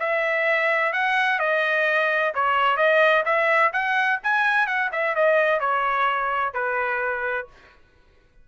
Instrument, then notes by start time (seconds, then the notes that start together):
trumpet
0.00 E5
0.93 F#5
1.40 D#5
2.35 C#5
2.77 D#5
3.26 E5
3.73 F#5
4.23 G#5
4.67 F#5
4.92 E5
5.15 D#5
5.60 C#5
6.54 B4